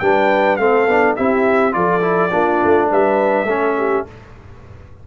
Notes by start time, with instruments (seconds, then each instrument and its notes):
0.00 tuba G3, trombone D4, horn B4, trumpet G5
0.57 tuba A3, trombone C4, horn A4, trumpet F5
0.87 tuba B3, trombone D4
1.16 tuba C4, trombone E4, horn G4, trumpet E5
1.72 tuba F3, trombone F4, horn A4, trumpet D5
2.02 trombone E4
2.32 tuba A#3, trombone D4, horn F4
2.64 tuba A3
2.90 tuba G3, horn B4, trumpet E5
3.45 tuba A3, trombone C#4, horn A4
3.77 horn G4